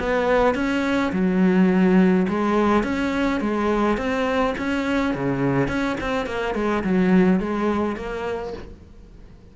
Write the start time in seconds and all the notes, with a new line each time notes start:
0.00 B3
0.55 C#4
1.12 F#3
2.29 G#3
2.84 C#4
3.41 G#3
3.98 C4
4.58 C#4
5.15 C#3
5.68 C#4
6.01 C4
6.26 A#3
6.55 G#3
6.84 F#3
7.40 G#3
7.96 A#3